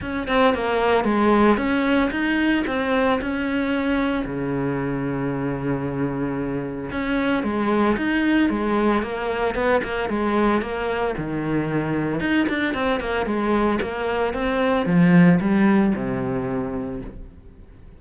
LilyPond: \new Staff \with { instrumentName = "cello" } { \time 4/4 \tempo 4 = 113 cis'8 c'8 ais4 gis4 cis'4 | dis'4 c'4 cis'2 | cis1~ | cis4 cis'4 gis4 dis'4 |
gis4 ais4 b8 ais8 gis4 | ais4 dis2 dis'8 d'8 | c'8 ais8 gis4 ais4 c'4 | f4 g4 c2 | }